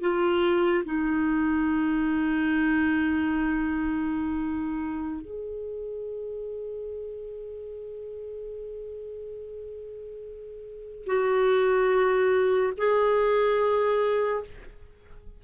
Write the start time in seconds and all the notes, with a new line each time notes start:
0.00 F4
0.85 D#4
5.21 G#4
11.06 F#4
12.77 G#4